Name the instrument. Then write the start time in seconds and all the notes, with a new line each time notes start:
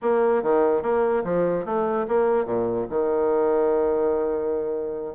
bassoon
0.02 A#3
0.42 D#3
0.82 A#3
1.24 F3
1.65 A3
2.08 A#3
2.45 A#2
2.89 D#3